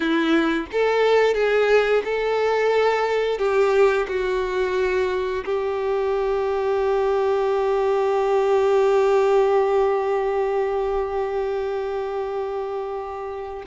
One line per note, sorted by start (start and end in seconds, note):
0.00 0.66 E4
0.72 1.34 A4
1.34 2.02 G#4
2.04 3.38 A4
3.38 4.06 G4
4.08 5.44 F#4
5.45 13.63 G4